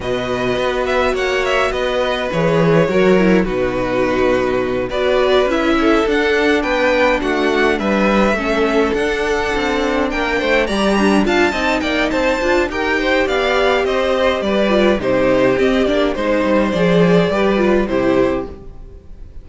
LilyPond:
<<
  \new Staff \with { instrumentName = "violin" } { \time 4/4 \tempo 4 = 104 dis''4. e''8 fis''8 e''8 dis''4 | cis''2 b'2~ | b'8 d''4 e''4 fis''4 g''8~ | g''8 fis''4 e''2 fis''8~ |
fis''4. g''4 ais''4 a''8~ | a''8 g''8 a''4 g''4 f''4 | dis''4 d''4 c''4 dis''8 d''8 | c''4 d''2 c''4 | }
  \new Staff \with { instrumentName = "violin" } { \time 4/4 b'2 cis''4 b'4~ | b'4 ais'4 fis'2~ | fis'8 b'4. a'4. b'8~ | b'8 fis'4 b'4 a'4.~ |
a'4. ais'8 c''8 d''8 d'8 f''8 | dis''8 d''8 c''4 ais'8 c''8 d''4 | c''4 b'4 g'2 | c''2 b'4 g'4 | }
  \new Staff \with { instrumentName = "viola" } { \time 4/4 fis'1 | gis'4 fis'8 e'8 dis'2~ | dis'8 fis'4 e'4 d'4.~ | d'2~ d'8 cis'4 d'8~ |
d'2~ d'8 g'4 f'8 | dis'4. f'8 g'2~ | g'4. f'8 dis'4 c'8 d'8 | dis'4 gis'4 g'8 f'8 e'4 | }
  \new Staff \with { instrumentName = "cello" } { \time 4/4 b,4 b4 ais4 b4 | e4 fis4 b,2~ | b,8 b4 cis'4 d'4 b8~ | b8 a4 g4 a4 d'8~ |
d'8 c'4 ais8 a8 g4 d'8 | c'8 ais8 c'8 d'8 dis'4 b4 | c'4 g4 c4 c'8 ais8 | gis8 g8 f4 g4 c4 | }
>>